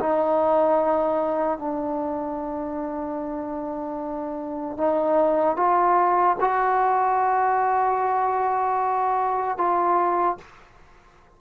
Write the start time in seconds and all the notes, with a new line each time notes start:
0.00 D#4
1.59 D4
4.77 D#4
5.57 F4
6.41 F#4
9.57 F4